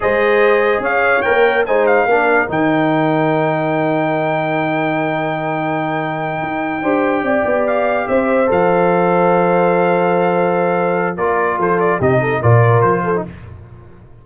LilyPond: <<
  \new Staff \with { instrumentName = "trumpet" } { \time 4/4 \tempo 4 = 145 dis''2 f''4 g''4 | gis''8 f''4. g''2~ | g''1~ | g''1~ |
g''2~ g''8 f''4 e''8~ | e''8 f''2.~ f''8~ | f''2. d''4 | c''8 d''8 dis''4 d''4 c''4 | }
  \new Staff \with { instrumentName = "horn" } { \time 4/4 c''2 cis''2 | c''4 ais'2.~ | ais'1~ | ais'1~ |
ais'8 c''4 d''2 c''8~ | c''1~ | c''2. ais'4 | a'4 g'8 a'8 ais'4. a'8 | }
  \new Staff \with { instrumentName = "trombone" } { \time 4/4 gis'2. ais'4 | dis'4 d'4 dis'2~ | dis'1~ | dis'1~ |
dis'8 g'2.~ g'8~ | g'8 a'2.~ a'8~ | a'2. f'4~ | f'4 dis'4 f'4.~ f'16 dis'16 | }
  \new Staff \with { instrumentName = "tuba" } { \time 4/4 gis2 cis'4 ais4 | gis4 ais4 dis2~ | dis1~ | dis2.~ dis8 dis'8~ |
dis'8 d'4 c'8 b4. c'8~ | c'8 f2.~ f8~ | f2. ais4 | f4 c4 ais,4 f4 | }
>>